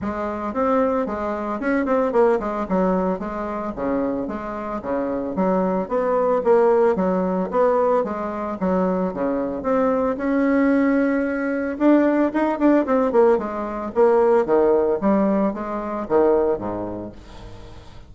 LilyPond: \new Staff \with { instrumentName = "bassoon" } { \time 4/4 \tempo 4 = 112 gis4 c'4 gis4 cis'8 c'8 | ais8 gis8 fis4 gis4 cis4 | gis4 cis4 fis4 b4 | ais4 fis4 b4 gis4 |
fis4 cis4 c'4 cis'4~ | cis'2 d'4 dis'8 d'8 | c'8 ais8 gis4 ais4 dis4 | g4 gis4 dis4 gis,4 | }